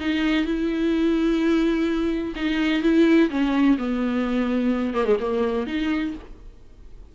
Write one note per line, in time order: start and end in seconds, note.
0.00 0.45 D#4
0.45 2.34 E4
2.36 2.83 D#4
2.83 3.30 E4
3.30 3.78 C#4
3.79 4.94 B3
4.94 5.05 A#3
5.05 5.17 G#3
5.20 5.67 A#3
5.67 6.15 D#4